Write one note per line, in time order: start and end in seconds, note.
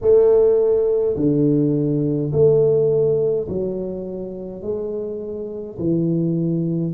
0.01 1.15 A3
1.15 2.31 D3
2.32 3.47 A3
3.48 4.62 F#3
4.62 5.77 G#3
5.78 6.94 E3